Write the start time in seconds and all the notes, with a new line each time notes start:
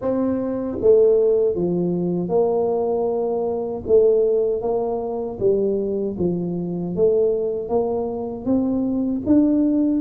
0.01 C4
0.81 A3
1.55 F3
2.28 A#3
3.87 A3
4.61 A#3
5.39 G3
6.18 F3
6.95 A3
7.68 A#3
8.45 C4
9.26 D4